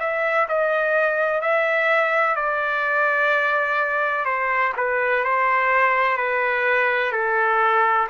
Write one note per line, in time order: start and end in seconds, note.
0.00 0.48 E5
0.49 1.42 D#5
1.42 2.36 E5
2.36 4.26 D5
4.26 4.73 C5
4.77 5.25 B4
5.25 6.18 C5
6.18 7.13 B4
7.13 8.08 A4